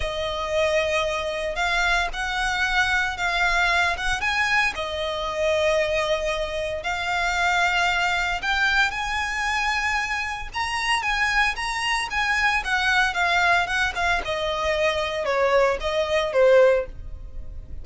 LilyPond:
\new Staff \with { instrumentName = "violin" } { \time 4/4 \tempo 4 = 114 dis''2. f''4 | fis''2 f''4. fis''8 | gis''4 dis''2.~ | dis''4 f''2. |
g''4 gis''2. | ais''4 gis''4 ais''4 gis''4 | fis''4 f''4 fis''8 f''8 dis''4~ | dis''4 cis''4 dis''4 c''4 | }